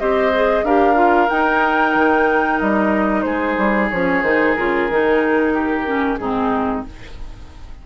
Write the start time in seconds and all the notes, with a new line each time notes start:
0.00 C4 G4 C5 D#5
0.34 G#4
0.64 D4 G4 A#4 F5
0.95 F4
1.29 D#4 G5
1.95 D#3
2.60 G3 D#5
3.22 G#3 G#4 C5
3.58 G3
3.90 F3 C#4 C#5
4.23 D#3 D#4 C5
4.55 C#3 F4 A#4
4.90 D#3 D#4
5.54 G4
5.86 C#4
6.16 G#2 C4 D#4 G#4